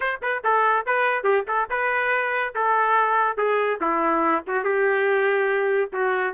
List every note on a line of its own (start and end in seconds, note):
0.00 0.20 C5
0.22 0.43 B4
0.44 0.86 A4
0.86 1.23 B4
1.23 1.44 G4
1.47 1.68 A4
1.70 2.54 B4
2.54 3.37 A4
3.37 3.79 G#4
3.80 4.44 E4
4.47 4.64 F#4
4.64 5.90 G4
5.93 6.33 F#4